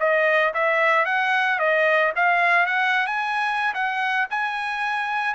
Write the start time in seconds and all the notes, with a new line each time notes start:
0.00 D#5
0.54 E5
1.06 F#5
1.59 D#5
2.16 F5
2.67 F#5
3.07 G#5
3.75 F#5
4.30 G#5